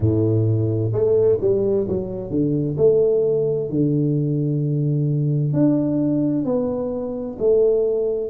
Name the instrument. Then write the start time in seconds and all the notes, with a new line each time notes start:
tuba
0.00 A2
0.92 A3
1.41 G3
1.88 F#3
2.30 D3
2.77 A3
3.69 D3
5.53 D4
6.44 B3
7.38 A3